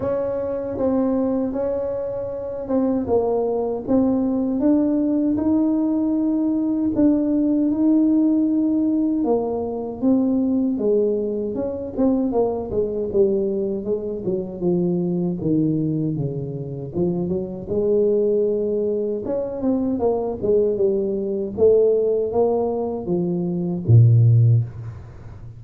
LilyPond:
\new Staff \with { instrumentName = "tuba" } { \time 4/4 \tempo 4 = 78 cis'4 c'4 cis'4. c'8 | ais4 c'4 d'4 dis'4~ | dis'4 d'4 dis'2 | ais4 c'4 gis4 cis'8 c'8 |
ais8 gis8 g4 gis8 fis8 f4 | dis4 cis4 f8 fis8 gis4~ | gis4 cis'8 c'8 ais8 gis8 g4 | a4 ais4 f4 ais,4 | }